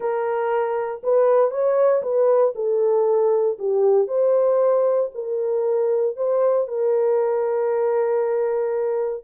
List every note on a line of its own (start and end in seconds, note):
0.00 1.01 A#4
1.03 1.50 B4
1.50 2.01 C#5
2.02 2.53 B4
2.55 3.58 A4
3.59 4.07 G4
4.07 5.10 C5
5.14 6.16 A#4
6.16 6.67 C5
6.67 9.24 A#4